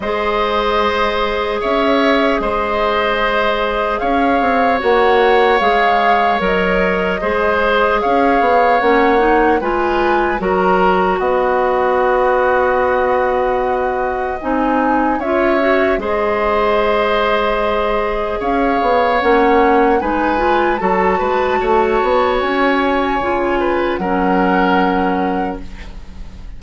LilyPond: <<
  \new Staff \with { instrumentName = "flute" } { \time 4/4 \tempo 4 = 75 dis''2 e''4 dis''4~ | dis''4 f''4 fis''4 f''4 | dis''2 f''4 fis''4 | gis''4 ais''4 fis''2~ |
fis''2 gis''4 e''4 | dis''2. f''4 | fis''4 gis''4 a''2 | gis''2 fis''2 | }
  \new Staff \with { instrumentName = "oboe" } { \time 4/4 c''2 cis''4 c''4~ | c''4 cis''2.~ | cis''4 c''4 cis''2 | b'4 ais'4 dis''2~ |
dis''2. cis''4 | c''2. cis''4~ | cis''4 b'4 a'8 b'8 cis''4~ | cis''4. b'8 ais'2 | }
  \new Staff \with { instrumentName = "clarinet" } { \time 4/4 gis'1~ | gis'2 fis'4 gis'4 | ais'4 gis'2 cis'8 dis'8 | f'4 fis'2.~ |
fis'2 dis'4 f'8 fis'8 | gis'1 | cis'4 dis'8 f'8 fis'2~ | fis'4 f'4 cis'2 | }
  \new Staff \with { instrumentName = "bassoon" } { \time 4/4 gis2 cis'4 gis4~ | gis4 cis'8 c'8 ais4 gis4 | fis4 gis4 cis'8 b8 ais4 | gis4 fis4 b2~ |
b2 c'4 cis'4 | gis2. cis'8 b8 | ais4 gis4 fis8 gis8 a8 b8 | cis'4 cis4 fis2 | }
>>